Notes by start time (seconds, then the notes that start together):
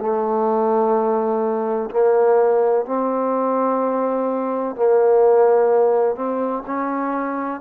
0.00 A3
1.90 A#3
2.86 C4
4.76 A#3
6.16 C4
6.67 C#4